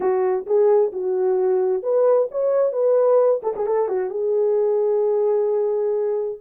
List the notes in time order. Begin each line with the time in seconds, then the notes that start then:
0.00 F#4
0.46 G#4
0.92 F#4
1.82 B4
2.31 C#5
2.72 B4
3.42 A4
3.56 G#4
3.66 A4
3.88 F#4
4.10 G#4